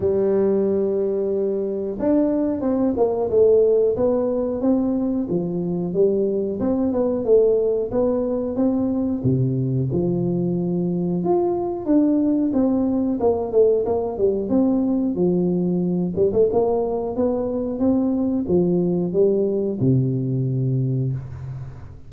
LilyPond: \new Staff \with { instrumentName = "tuba" } { \time 4/4 \tempo 4 = 91 g2. d'4 | c'8 ais8 a4 b4 c'4 | f4 g4 c'8 b8 a4 | b4 c'4 c4 f4~ |
f4 f'4 d'4 c'4 | ais8 a8 ais8 g8 c'4 f4~ | f8 g16 a16 ais4 b4 c'4 | f4 g4 c2 | }